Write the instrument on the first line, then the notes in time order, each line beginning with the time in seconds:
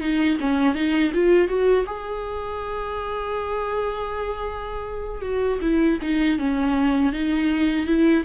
viola
0.00 D#4
0.40 C#4
0.75 D#4
1.14 F4
1.48 F#4
1.86 G#4
5.22 F#4
5.61 E4
6.01 D#4
6.39 C#4
7.12 D#4
7.86 E4